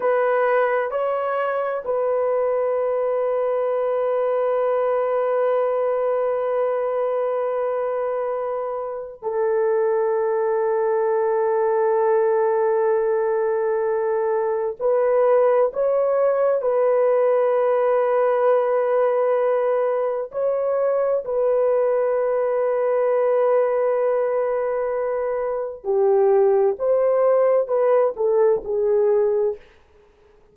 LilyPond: \new Staff \with { instrumentName = "horn" } { \time 4/4 \tempo 4 = 65 b'4 cis''4 b'2~ | b'1~ | b'2 a'2~ | a'1 |
b'4 cis''4 b'2~ | b'2 cis''4 b'4~ | b'1 | g'4 c''4 b'8 a'8 gis'4 | }